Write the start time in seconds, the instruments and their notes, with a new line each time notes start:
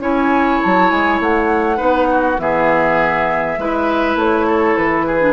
0.00 bassoon C#4, clarinet E4, oboe C#5, flute G#5
0.62 bassoon F#3, flute A5
0.90 bassoon G#3, flute G#5
1.20 bassoon A3, flute F#5
1.77 bassoon B3, clarinet D#4, oboe B4
2.11 oboe F#4
2.39 bassoon E3, clarinet B3, oboe G#4, flute E5
3.58 bassoon G#3, clarinet E4, oboe B4
4.16 bassoon A3, flute C#5
4.47 oboe A4
4.77 bassoon E3, flute B4
5.06 oboe G#4
5.20 clarinet D4